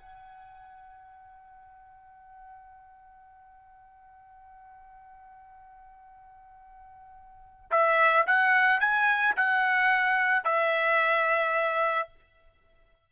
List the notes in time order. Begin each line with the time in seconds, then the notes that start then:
0.00 F#5
7.71 E5
8.27 F#5
8.81 G#5
9.37 F#5
10.45 E5